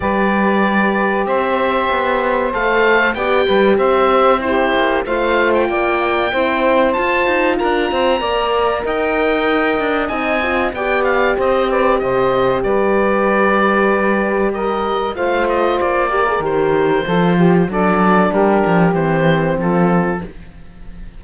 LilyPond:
<<
  \new Staff \with { instrumentName = "oboe" } { \time 4/4 \tempo 4 = 95 d''2 e''2 | f''4 g''4 e''4 c''4 | f''8. g''2~ g''16 a''4 | ais''2 g''2 |
gis''4 g''8 f''8 dis''8 d''8 dis''4 | d''2. dis''4 | f''8 dis''8 d''4 c''2 | d''4 ais'4 c''4 a'4 | }
  \new Staff \with { instrumentName = "saxophone" } { \time 4/4 b'2 c''2~ | c''4 d''8 b'8 c''4 g'4 | c''4 d''4 c''2 | ais'8 c''8 d''4 dis''2~ |
dis''4 d''4 c''8 b'8 c''4 | b'2. ais'4 | c''4. ais'4. a'8 g'8 | a'4 g'2 f'4 | }
  \new Staff \with { instrumentName = "horn" } { \time 4/4 g'1 | a'4 g'2 e'4 | f'2 e'4 f'4~ | f'4 ais'2. |
dis'8 f'8 g'2.~ | g'1 | f'4. g'16 gis'16 g'4 f'4 | d'2 c'2 | }
  \new Staff \with { instrumentName = "cello" } { \time 4/4 g2 c'4 b4 | a4 b8 g8 c'4. ais8 | a4 ais4 c'4 f'8 dis'8 | d'8 c'8 ais4 dis'4. d'8 |
c'4 b4 c'4 c4 | g1 | a4 ais4 dis4 f4 | fis4 g8 f8 e4 f4 | }
>>